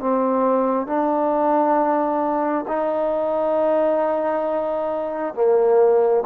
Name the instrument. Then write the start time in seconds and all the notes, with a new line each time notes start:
trombone
0.00 C4
0.86 D4
2.68 D#4
5.34 A#3